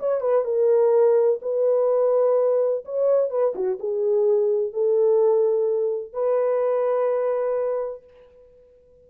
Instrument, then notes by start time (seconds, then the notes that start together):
horn
0.00 C#5
0.21 B4
0.45 A#4
1.42 B4
2.85 C#5
3.31 B4
3.55 F#4
3.80 G#4
4.74 A4
6.14 B4